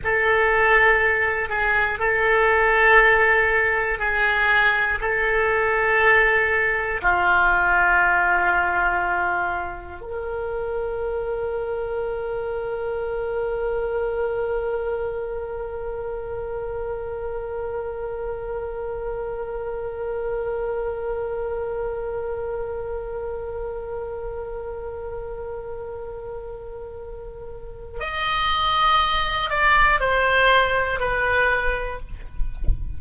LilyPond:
\new Staff \with { instrumentName = "oboe" } { \time 4/4 \tempo 4 = 60 a'4. gis'8 a'2 | gis'4 a'2 f'4~ | f'2 ais'2~ | ais'1~ |
ais'1~ | ais'1~ | ais'1 | dis''4. d''8 c''4 b'4 | }